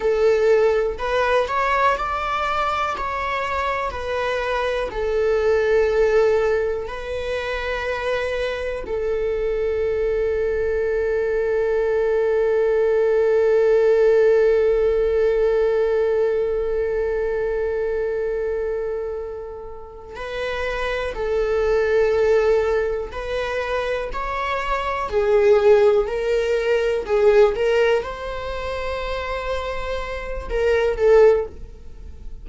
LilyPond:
\new Staff \with { instrumentName = "viola" } { \time 4/4 \tempo 4 = 61 a'4 b'8 cis''8 d''4 cis''4 | b'4 a'2 b'4~ | b'4 a'2.~ | a'1~ |
a'1~ | a'8 b'4 a'2 b'8~ | b'8 cis''4 gis'4 ais'4 gis'8 | ais'8 c''2~ c''8 ais'8 a'8 | }